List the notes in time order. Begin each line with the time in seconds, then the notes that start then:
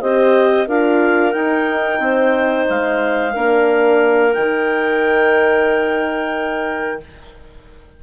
0.00 C4 G4 C5 D#5
0.67 D4 F4 A#4 F5
1.32 D#4 G5
1.99 C4 C5
2.69 G#3 F5
3.33 A#3 D4 A#4
4.33 D#3 D#4 G5